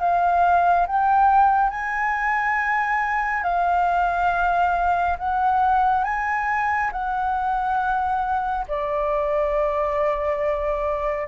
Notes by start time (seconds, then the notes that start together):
0.00 F5
0.87 G5
1.70 G#5
3.44 F5
5.19 F#5
6.05 G#5
6.92 F#5
8.69 D5